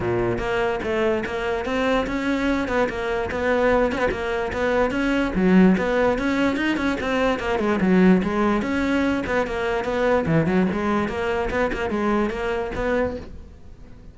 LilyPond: \new Staff \with { instrumentName = "cello" } { \time 4/4 \tempo 4 = 146 ais,4 ais4 a4 ais4 | c'4 cis'4. b8 ais4 | b4. cis'16 b16 ais4 b4 | cis'4 fis4 b4 cis'4 |
dis'8 cis'8 c'4 ais8 gis8 fis4 | gis4 cis'4. b8 ais4 | b4 e8 fis8 gis4 ais4 | b8 ais8 gis4 ais4 b4 | }